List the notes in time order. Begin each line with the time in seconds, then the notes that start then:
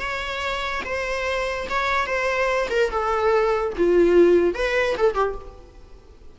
0.00 C#5
0.85 C5
1.70 C#5
2.06 C5
2.70 A#4
2.91 A4
3.77 F4
4.54 B4
4.98 A4
5.14 G4